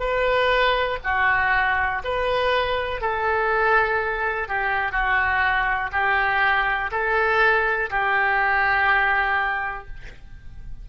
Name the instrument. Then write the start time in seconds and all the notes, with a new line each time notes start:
oboe
0.00 B4
1.04 F#4
2.05 B4
3.01 A4
4.48 G4
4.92 F#4
5.92 G4
6.92 A4
7.90 G4